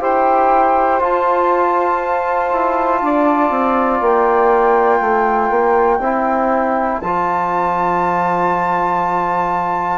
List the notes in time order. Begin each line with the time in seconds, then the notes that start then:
0.00 E4 G4 C5 G5
1.00 F4 A5
2.52 E4
3.02 D4 D5
3.50 C4
4.01 A#3 G5
5.00 A3 C5
5.50 A#3
6.00 C4 E4
7.01 F3 F4 A5